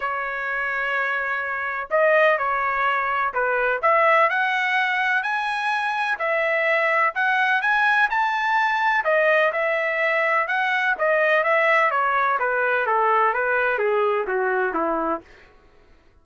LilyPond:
\new Staff \with { instrumentName = "trumpet" } { \time 4/4 \tempo 4 = 126 cis''1 | dis''4 cis''2 b'4 | e''4 fis''2 gis''4~ | gis''4 e''2 fis''4 |
gis''4 a''2 dis''4 | e''2 fis''4 dis''4 | e''4 cis''4 b'4 a'4 | b'4 gis'4 fis'4 e'4 | }